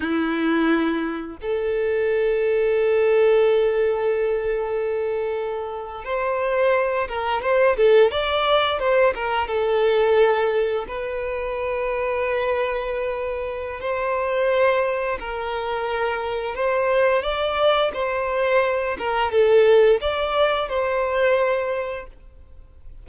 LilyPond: \new Staff \with { instrumentName = "violin" } { \time 4/4 \tempo 4 = 87 e'2 a'2~ | a'1~ | a'8. c''4. ais'8 c''8 a'8 d''16~ | d''8. c''8 ais'8 a'2 b'16~ |
b'1 | c''2 ais'2 | c''4 d''4 c''4. ais'8 | a'4 d''4 c''2 | }